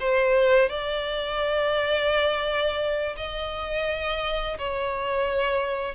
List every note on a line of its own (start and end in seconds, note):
0.00 0.69 C5
0.69 3.16 D5
3.17 4.58 D#5
4.59 5.95 C#5